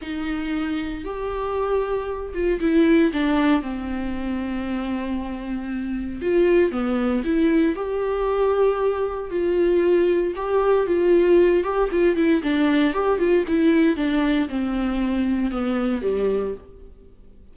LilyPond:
\new Staff \with { instrumentName = "viola" } { \time 4/4 \tempo 4 = 116 dis'2 g'2~ | g'8 f'8 e'4 d'4 c'4~ | c'1 | f'4 b4 e'4 g'4~ |
g'2 f'2 | g'4 f'4. g'8 f'8 e'8 | d'4 g'8 f'8 e'4 d'4 | c'2 b4 g4 | }